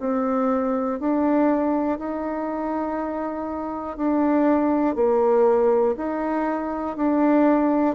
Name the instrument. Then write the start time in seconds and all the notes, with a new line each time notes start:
bassoon
0.00 C4
1.00 D4
1.98 D#4
3.97 D4
4.95 A#3
5.97 D#4
6.97 D4